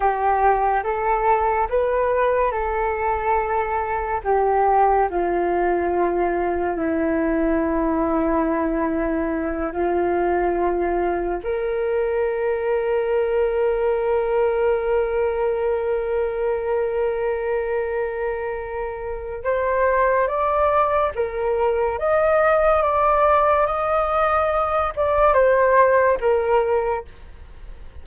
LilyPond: \new Staff \with { instrumentName = "flute" } { \time 4/4 \tempo 4 = 71 g'4 a'4 b'4 a'4~ | a'4 g'4 f'2 | e'2.~ e'8 f'8~ | f'4. ais'2~ ais'8~ |
ais'1~ | ais'2. c''4 | d''4 ais'4 dis''4 d''4 | dis''4. d''8 c''4 ais'4 | }